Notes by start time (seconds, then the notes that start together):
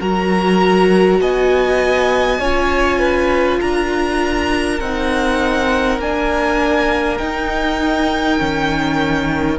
0.00 F#3 F#4 A#4 A#5
1.20 B3 D#5 G#5
2.39 C#4 F4 C#5
2.99 B4
3.60 D4 A#4 A#5
4.80 C4 D#4 F#5
5.99 A#3 D4 G#5
7.17 D#4 G5
8.38 D#3 C#4